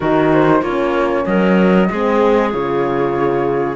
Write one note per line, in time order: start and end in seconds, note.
0.00 0.61 D#3
0.00 0.64 D#4
0.00 0.61 F#4
0.00 0.31 A#4
0.33 0.62 C5
0.61 1.24 A#3
0.61 1.91 C#4
0.61 1.24 F4
0.61 1.25 C#5
1.25 1.89 F#3
1.25 1.88 A#4
1.25 2.52 D#5
1.88 2.53 G#3
1.88 2.51 C4
1.88 3.76 G#4
2.51 3.76 C#3
2.51 3.76 F4
2.51 3.76 C#5